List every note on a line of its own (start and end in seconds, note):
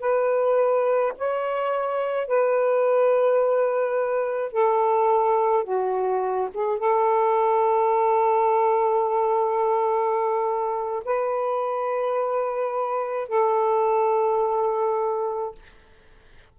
0.00 1.13 B4
1.18 2.27 C#5
2.27 4.53 B4
4.53 5.64 A4
5.64 6.49 F#4
6.54 6.79 G#4
6.79 11.04 A4
11.05 13.28 B4
13.28 15.55 A4